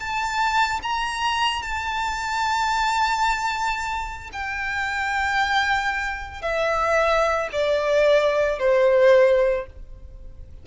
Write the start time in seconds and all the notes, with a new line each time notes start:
0.00 A5
0.83 A#5
1.63 A5
4.33 G5
6.42 E5
7.52 D5
8.59 C5